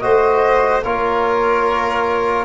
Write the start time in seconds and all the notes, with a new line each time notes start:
0.00 A3 F#4 C5 D#5
0.84 A#3 F4 A#4 C#5